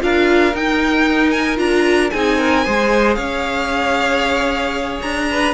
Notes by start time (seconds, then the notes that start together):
0.00 D4 F4 A#4 F5
0.54 D#4 G5
1.31 G#5
1.57 D4 F4 A#5
2.11 C4 D#4 G#4 G#5
2.38 A#4
2.65 G#3 G#4 C5
3.15 C#4 C#5 F5
5.02 D4 A#5
5.31 B4